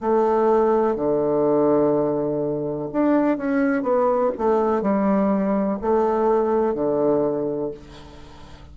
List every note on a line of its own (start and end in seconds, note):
0.00 0.95 A3
0.95 2.89 D3
2.93 3.37 D4
3.37 3.82 C#4
3.82 4.30 B3
4.37 4.81 A3
4.81 5.78 G3
5.81 6.74 A3
6.74 7.71 D3